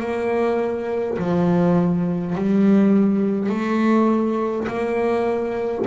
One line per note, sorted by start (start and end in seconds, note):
0.00 1.18 A#3
1.18 2.35 F3
2.35 3.50 G3
3.50 4.67 A3
4.68 5.86 A#3